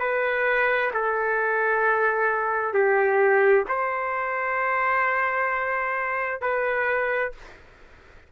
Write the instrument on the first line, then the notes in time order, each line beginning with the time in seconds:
trumpet
0.00 B4
0.93 A4
2.74 G4
3.68 C5
6.41 B4